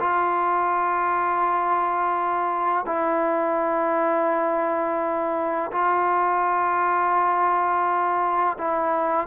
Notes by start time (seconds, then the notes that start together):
0.00 F4
2.86 E4
5.71 F4
8.58 E4